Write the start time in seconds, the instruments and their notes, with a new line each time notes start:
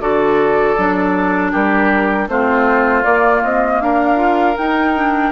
0.00 bassoon D3, clarinet F#4, oboe A4, flute D5
0.77 bassoon F#3, clarinet D4
1.52 bassoon G3, oboe G4, flute A#4
2.28 bassoon A3, clarinet C4, oboe F4, flute C5
3.03 clarinet A#3, bassoon A#3, flute D5
3.43 bassoon C4, flute D#5
3.80 bassoon D4, oboe A#4, flute F5
4.16 clarinet F4
4.57 clarinet D#4, bassoon D#4, flute G5
4.95 clarinet D4